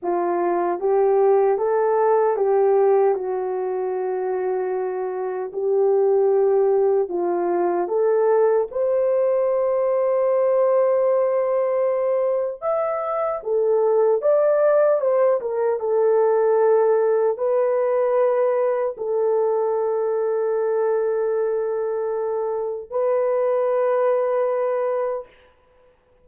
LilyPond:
\new Staff \with { instrumentName = "horn" } { \time 4/4 \tempo 4 = 76 f'4 g'4 a'4 g'4 | fis'2. g'4~ | g'4 f'4 a'4 c''4~ | c''1 |
e''4 a'4 d''4 c''8 ais'8 | a'2 b'2 | a'1~ | a'4 b'2. | }